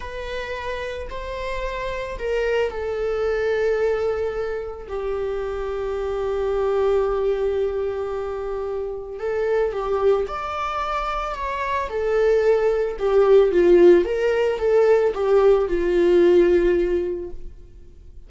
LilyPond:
\new Staff \with { instrumentName = "viola" } { \time 4/4 \tempo 4 = 111 b'2 c''2 | ais'4 a'2.~ | a'4 g'2.~ | g'1~ |
g'4 a'4 g'4 d''4~ | d''4 cis''4 a'2 | g'4 f'4 ais'4 a'4 | g'4 f'2. | }